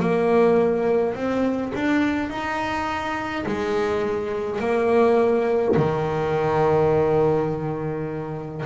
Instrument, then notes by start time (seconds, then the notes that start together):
double bass
0.00 A#3
1.15 C4
1.75 D4
2.30 D#4
3.46 G#3
4.60 A#3
5.77 D#3